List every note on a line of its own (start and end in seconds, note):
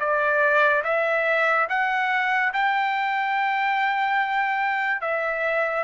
0.00 0.83 D5
0.84 1.68 E5
1.69 2.53 F#5
2.54 5.02 G5
5.02 5.84 E5